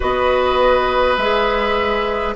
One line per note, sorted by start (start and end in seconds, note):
0.00 1.17 B3
0.00 1.17 F#4
0.00 2.34 B4
0.00 1.16 D#5
1.16 2.34 G#3
1.16 2.36 G#4
1.16 2.34 E5